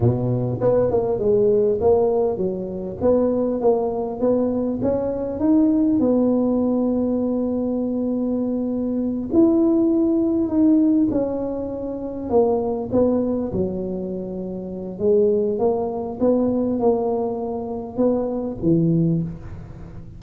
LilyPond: \new Staff \with { instrumentName = "tuba" } { \time 4/4 \tempo 4 = 100 b,4 b8 ais8 gis4 ais4 | fis4 b4 ais4 b4 | cis'4 dis'4 b2~ | b2.~ b8 e'8~ |
e'4. dis'4 cis'4.~ | cis'8 ais4 b4 fis4.~ | fis4 gis4 ais4 b4 | ais2 b4 e4 | }